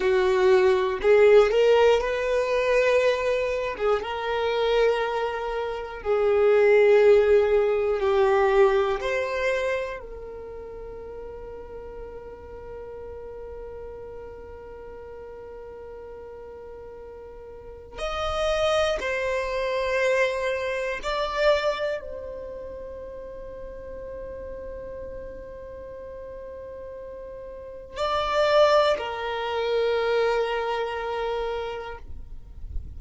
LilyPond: \new Staff \with { instrumentName = "violin" } { \time 4/4 \tempo 4 = 60 fis'4 gis'8 ais'8 b'4.~ b'16 gis'16 | ais'2 gis'2 | g'4 c''4 ais'2~ | ais'1~ |
ais'2 dis''4 c''4~ | c''4 d''4 c''2~ | c''1 | d''4 ais'2. | }